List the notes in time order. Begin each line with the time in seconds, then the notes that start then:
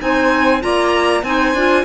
0.00 C4 D#4 C5 G#5
0.61 A#3 F4 D5 A#5
1.23 C4 D#4 C5 G#5
1.54 D4 F4